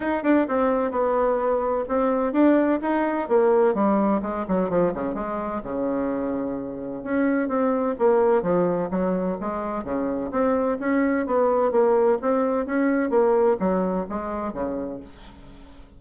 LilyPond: \new Staff \with { instrumentName = "bassoon" } { \time 4/4 \tempo 4 = 128 dis'8 d'8 c'4 b2 | c'4 d'4 dis'4 ais4 | g4 gis8 fis8 f8 cis8 gis4 | cis2. cis'4 |
c'4 ais4 f4 fis4 | gis4 cis4 c'4 cis'4 | b4 ais4 c'4 cis'4 | ais4 fis4 gis4 cis4 | }